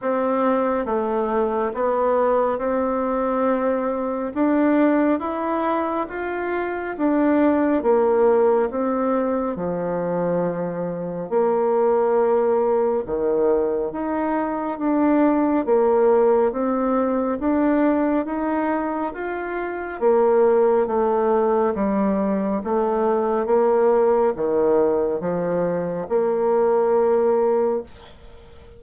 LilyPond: \new Staff \with { instrumentName = "bassoon" } { \time 4/4 \tempo 4 = 69 c'4 a4 b4 c'4~ | c'4 d'4 e'4 f'4 | d'4 ais4 c'4 f4~ | f4 ais2 dis4 |
dis'4 d'4 ais4 c'4 | d'4 dis'4 f'4 ais4 | a4 g4 a4 ais4 | dis4 f4 ais2 | }